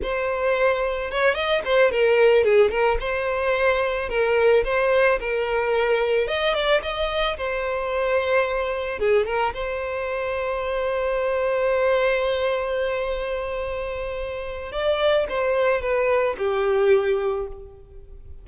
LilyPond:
\new Staff \with { instrumentName = "violin" } { \time 4/4 \tempo 4 = 110 c''2 cis''8 dis''8 c''8 ais'8~ | ais'8 gis'8 ais'8 c''2 ais'8~ | ais'8 c''4 ais'2 dis''8 | d''8 dis''4 c''2~ c''8~ |
c''8 gis'8 ais'8 c''2~ c''8~ | c''1~ | c''2. d''4 | c''4 b'4 g'2 | }